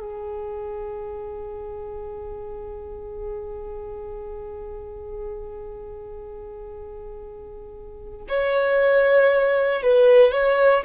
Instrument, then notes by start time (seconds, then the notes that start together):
violin
0.00 G#4
8.29 C#5
9.82 B4
10.32 C#5